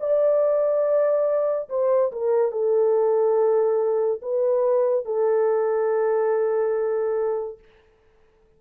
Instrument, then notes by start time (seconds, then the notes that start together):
horn
0.00 D5
1.69 C5
2.12 A#4
2.52 A4
4.22 B4
5.05 A4